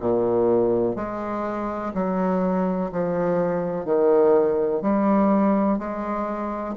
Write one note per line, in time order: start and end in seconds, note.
0.00 0.96 A#2
0.96 1.93 G#3
1.94 2.91 F#3
2.92 3.85 F3
3.85 4.82 D#3
4.82 5.78 G3
5.78 6.75 G#3